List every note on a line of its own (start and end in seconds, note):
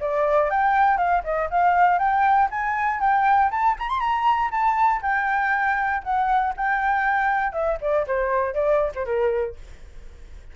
0.00 0.50 D5
0.50 0.97 G5
0.97 1.22 F5
1.24 1.49 D#5
1.50 1.98 F5
1.98 2.49 G5
2.50 3.00 G#5
3.00 3.50 G5
3.51 3.76 A5
3.79 3.89 A#5
3.89 4.00 C6
4.00 4.51 A#5
4.51 5.01 A5
5.01 6.02 G5
6.03 6.53 F#5
6.57 7.52 G5
7.52 7.78 E5
7.81 8.06 D5
8.07 8.54 C5
8.54 8.92 D5
8.95 9.05 C5
9.05 9.55 A#4